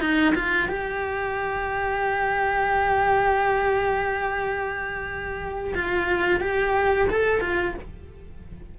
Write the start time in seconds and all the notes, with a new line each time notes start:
0.00 D#4
0.35 F4
0.68 G4
5.74 F4
6.40 G4
7.09 A4
7.41 F4